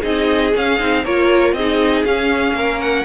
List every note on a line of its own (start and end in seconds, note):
0.00 0.54 C4
0.00 0.53 D#4
0.00 1.02 G#4
0.00 0.54 D#5
0.53 0.78 C#4
0.53 0.80 C#4
0.53 1.04 F5
0.78 1.05 C4
0.78 1.04 D#4
1.04 1.52 A#3
1.04 1.57 F4
1.04 1.55 A#4
1.04 1.53 C#5
1.52 2.03 C4
1.52 2.06 D#4
1.52 2.56 G#4
1.52 2.04 D#5
2.05 2.53 C#4
2.05 3.05 C#4
2.05 2.81 F5
2.53 3.04 A#3
2.53 3.05 A#4
2.81 3.05 F#5